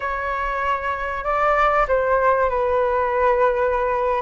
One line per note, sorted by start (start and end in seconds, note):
0.00 1.24 C#5
1.24 1.86 D5
1.88 2.49 C5
2.49 4.21 B4